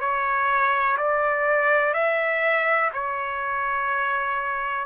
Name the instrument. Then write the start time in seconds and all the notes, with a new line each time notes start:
trumpet
0.00 C#5
0.97 D5
1.94 E5
2.93 C#5